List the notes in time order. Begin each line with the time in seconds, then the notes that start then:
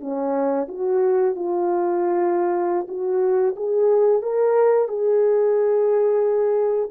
0.00 C#4
0.68 F#4
1.35 F4
2.88 F#4
3.56 G#4
4.22 A#4
4.88 G#4